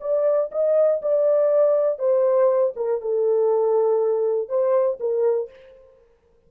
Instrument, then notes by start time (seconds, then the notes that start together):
horn
0.00 D5
0.51 D#5
1.02 D5
1.98 C5
2.76 A#4
3.01 A4
4.49 C5
5.00 A#4